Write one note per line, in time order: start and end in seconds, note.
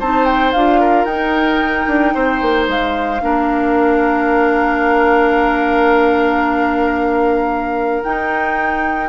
0.00 0.54 C4
0.00 0.55 D#4
0.00 0.80 C5
0.00 0.25 A5
0.25 0.52 G5
0.52 1.05 D4
0.52 1.09 F4
0.52 1.05 F5
0.80 2.14 A#4
1.05 1.85 D#4
1.05 3.20 D#4
1.05 2.66 G5
1.87 2.14 D4
2.15 2.42 C4
2.15 3.22 C5
2.42 2.68 A#3
2.68 3.21 G#3
2.68 8.03 F5
3.20 8.04 A#3
3.20 8.02 D4
3.20 9.09 A#4
8.03 9.09 D#4
8.03 9.09 G5